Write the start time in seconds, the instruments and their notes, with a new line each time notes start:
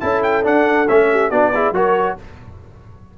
0.00 tuba C#4, trombone E4, horn A4, trumpet A5
0.23 trumpet G5
0.43 trombone D4, tuba D4, trumpet F#5
0.88 tuba A3, trombone C#4, trumpet E5
1.11 horn G4
1.30 tuba B3, trombone D4, horn F#4, trumpet D5
1.54 trombone E4, horn G#4
1.72 tuba F#3, trombone F#4, horn A#4, trumpet C#5